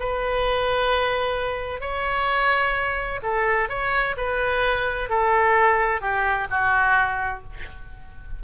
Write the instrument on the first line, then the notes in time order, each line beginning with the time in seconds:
oboe
0.00 B4
1.81 C#5
3.23 A4
3.69 C#5
4.17 B4
5.10 A4
6.01 G4
6.51 F#4